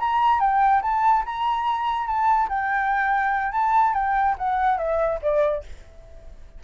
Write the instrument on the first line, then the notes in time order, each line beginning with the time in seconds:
flute
0.00 A#5
0.40 G5
0.82 A5
1.26 A#5
2.07 A5
2.49 G5
3.52 A5
3.94 G5
4.38 F#5
4.78 E5
5.22 D5